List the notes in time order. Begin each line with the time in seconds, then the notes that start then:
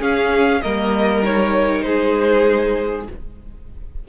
0.00 C#4 G#4 F5
0.62 G3 A#3 A#4 D#5
1.24 D#4 C#5
1.82 G#3 G#4 C5